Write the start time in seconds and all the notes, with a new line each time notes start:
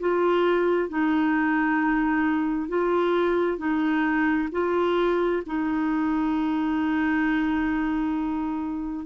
0.00 F4
0.89 D#4
2.69 F4
3.58 D#4
4.52 F4
5.47 D#4